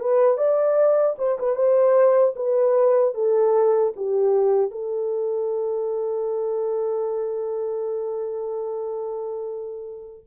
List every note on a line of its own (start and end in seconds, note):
0.00 0.38 B4
0.38 1.17 D5
1.19 1.39 C5
1.39 1.56 B4
1.56 2.35 C5
2.36 3.15 B4
3.15 3.94 A4
3.97 4.72 G4
4.72 10.24 A4